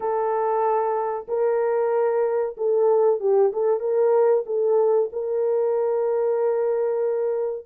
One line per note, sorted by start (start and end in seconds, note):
0.00 1.26 A4
1.28 2.55 A#4
2.57 3.20 A4
3.20 3.52 G4
3.52 3.80 A4
3.80 4.44 A#4
4.46 5.09 A4
5.12 7.66 A#4